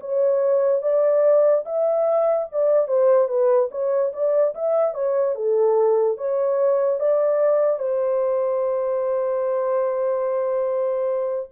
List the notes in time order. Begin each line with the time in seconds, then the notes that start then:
0.00 C#5
0.82 D5
1.65 E5
2.51 D5
2.87 C5
3.28 B4
3.71 C#5
4.13 D5
4.54 E5
4.94 C#5
5.35 A4
6.17 C#5
6.99 D5
7.79 C5